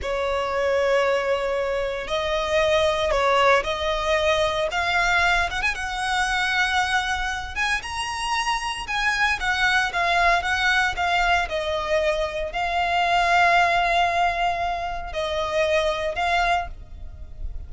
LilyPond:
\new Staff \with { instrumentName = "violin" } { \time 4/4 \tempo 4 = 115 cis''1 | dis''2 cis''4 dis''4~ | dis''4 f''4. fis''16 gis''16 fis''4~ | fis''2~ fis''8 gis''8 ais''4~ |
ais''4 gis''4 fis''4 f''4 | fis''4 f''4 dis''2 | f''1~ | f''4 dis''2 f''4 | }